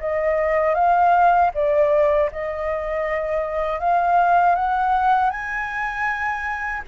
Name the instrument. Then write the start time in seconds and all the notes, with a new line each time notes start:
flute
0.00 D#5
0.75 F5
1.54 D5
2.32 D#5
3.80 F5
4.55 F#5
5.31 G#5